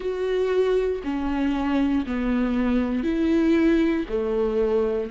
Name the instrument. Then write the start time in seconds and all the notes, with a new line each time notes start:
viola
0.00 F#4
1.04 C#4
2.06 B3
3.03 E4
4.08 A3